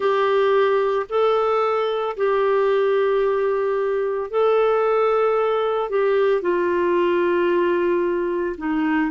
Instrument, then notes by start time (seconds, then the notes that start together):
clarinet
0.00 G4
1.09 A4
2.16 G4
4.30 A4
5.89 G4
6.41 F4
8.57 D#4